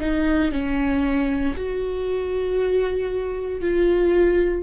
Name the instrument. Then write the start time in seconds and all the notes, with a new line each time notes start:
viola
0.00 D#4
0.51 C#4
1.56 F#4
3.61 F4